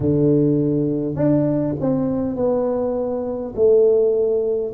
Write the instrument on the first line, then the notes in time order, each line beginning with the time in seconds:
tuba
0.00 D3
1.15 D4
1.80 C4
2.36 B3
3.55 A3